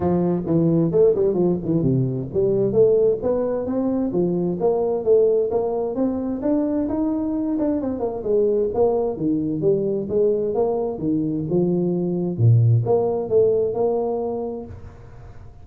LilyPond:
\new Staff \with { instrumentName = "tuba" } { \time 4/4 \tempo 4 = 131 f4 e4 a8 g8 f8 e8 | c4 g4 a4 b4 | c'4 f4 ais4 a4 | ais4 c'4 d'4 dis'4~ |
dis'8 d'8 c'8 ais8 gis4 ais4 | dis4 g4 gis4 ais4 | dis4 f2 ais,4 | ais4 a4 ais2 | }